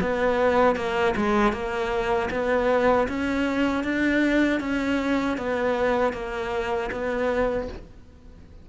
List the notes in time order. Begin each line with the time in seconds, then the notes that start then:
0.00 B3
0.76 A#3
1.16 G#3
1.52 A#3
2.30 B3
3.08 C#4
3.84 D4
4.60 C#4
5.37 B3
6.13 A#3
6.91 B3